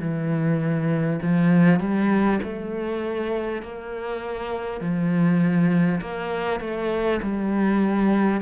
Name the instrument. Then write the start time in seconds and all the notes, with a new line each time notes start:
cello
0.00 E3
1.23 F3
1.80 G3
2.43 A3
3.63 A#3
4.81 F3
6.01 A#3
6.61 A3
7.23 G3